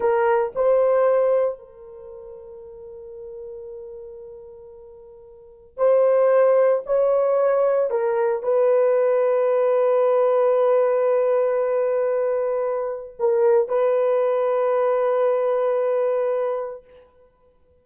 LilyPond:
\new Staff \with { instrumentName = "horn" } { \time 4/4 \tempo 4 = 114 ais'4 c''2 ais'4~ | ais'1~ | ais'2. c''4~ | c''4 cis''2 ais'4 |
b'1~ | b'1~ | b'4 ais'4 b'2~ | b'1 | }